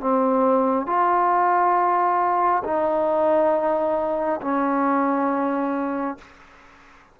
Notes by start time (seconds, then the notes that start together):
0.00 C4
0.86 F4
2.64 D#4
4.41 C#4